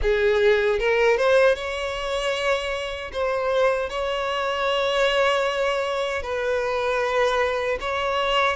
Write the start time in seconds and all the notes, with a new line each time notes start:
0.01 G#4
0.79 A#4
1.17 C5
1.55 C#5
3.12 C5
3.89 C#5
6.22 B4
7.80 C#5